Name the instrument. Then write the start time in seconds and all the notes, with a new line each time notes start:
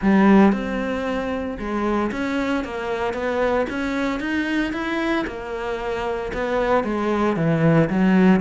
cello
0.01 G3
0.52 C4
1.58 G#3
2.11 C#4
2.64 A#3
3.13 B3
3.69 C#4
4.20 D#4
4.72 E4
5.26 A#3
6.33 B3
6.83 G#3
7.36 E3
7.89 F#3